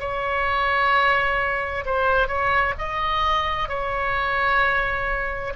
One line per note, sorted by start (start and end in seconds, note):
0.00 1.85 C#5
1.85 2.28 C5
2.28 2.74 C#5
2.78 3.69 D#5
3.69 5.53 C#5